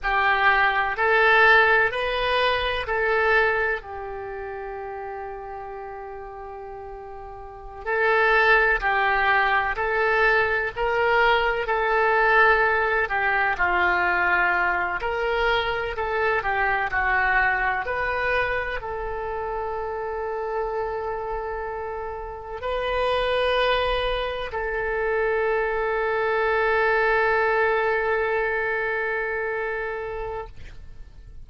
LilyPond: \new Staff \with { instrumentName = "oboe" } { \time 4/4 \tempo 4 = 63 g'4 a'4 b'4 a'4 | g'1~ | g'16 a'4 g'4 a'4 ais'8.~ | ais'16 a'4. g'8 f'4. ais'16~ |
ais'8. a'8 g'8 fis'4 b'4 a'16~ | a'2.~ a'8. b'16~ | b'4.~ b'16 a'2~ a'16~ | a'1 | }